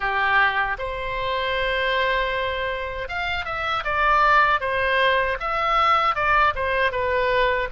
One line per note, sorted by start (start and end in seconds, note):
0.00 0.77 G4
0.78 3.08 C5
3.08 3.45 F5
3.45 3.83 E5
3.84 4.60 D5
4.60 5.37 C5
5.40 6.15 E5
6.15 6.53 D5
6.55 6.91 C5
6.91 7.68 B4